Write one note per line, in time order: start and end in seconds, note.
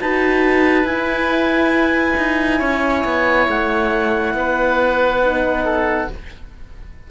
0.00 0.84 D#4
0.00 0.87 F#4
0.00 2.59 B4
0.00 0.86 A5
0.84 2.15 E4
0.84 5.23 E4
0.84 3.47 G#5
2.18 2.61 D#4
2.59 3.05 C#4
2.59 4.33 C#5
3.05 3.48 B3
3.49 4.35 A3
3.49 6.11 F#5
4.35 6.09 B3
4.35 5.65 B4
5.23 6.10 D#4
5.65 6.09 A4